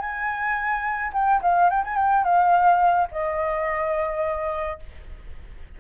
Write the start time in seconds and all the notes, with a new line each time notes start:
0.00 G#5
1.13 G5
1.42 F5
1.69 G5
1.84 G#5
1.96 G5
2.24 F5
3.11 D#5